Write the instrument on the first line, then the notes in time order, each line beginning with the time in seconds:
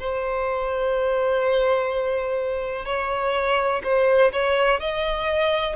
violin
0.00 C5
2.85 C#5
3.84 C5
4.33 C#5
4.80 D#5